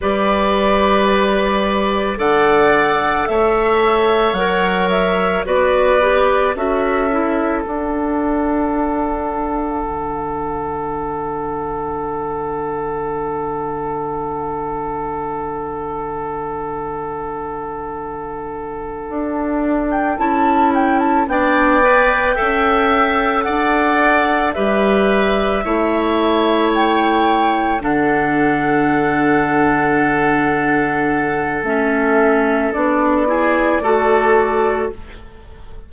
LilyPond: <<
  \new Staff \with { instrumentName = "flute" } { \time 4/4 \tempo 4 = 55 d''2 fis''4 e''4 | fis''8 e''8 d''4 e''4 fis''4~ | fis''1~ | fis''1~ |
fis''2~ fis''16 g''16 a''8 g''16 a''16 g''8~ | g''4. fis''4 e''4.~ | e''8 g''4 fis''2~ fis''8~ | fis''4 e''4 d''2 | }
  \new Staff \with { instrumentName = "oboe" } { \time 4/4 b'2 d''4 cis''4~ | cis''4 b'4 a'2~ | a'1~ | a'1~ |
a'2.~ a'8 d''8~ | d''8 e''4 d''4 b'4 cis''8~ | cis''4. a'2~ a'8~ | a'2~ a'8 gis'8 a'4 | }
  \new Staff \with { instrumentName = "clarinet" } { \time 4/4 g'2 a'2 | ais'4 fis'8 g'8 fis'8 e'8 d'4~ | d'1~ | d'1~ |
d'2~ d'8 e'4 d'8 | b'8 a'2 g'4 e'8~ | e'4. d'2~ d'8~ | d'4 cis'4 d'8 e'8 fis'4 | }
  \new Staff \with { instrumentName = "bassoon" } { \time 4/4 g2 d4 a4 | fis4 b4 cis'4 d'4~ | d'4 d2.~ | d1~ |
d4. d'4 cis'4 b8~ | b8 cis'4 d'4 g4 a8~ | a4. d2~ d8~ | d4 a4 b4 a4 | }
>>